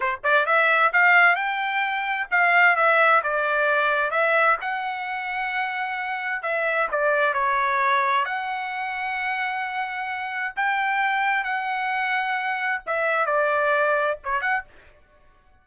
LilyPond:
\new Staff \with { instrumentName = "trumpet" } { \time 4/4 \tempo 4 = 131 c''8 d''8 e''4 f''4 g''4~ | g''4 f''4 e''4 d''4~ | d''4 e''4 fis''2~ | fis''2 e''4 d''4 |
cis''2 fis''2~ | fis''2. g''4~ | g''4 fis''2. | e''4 d''2 cis''8 fis''8 | }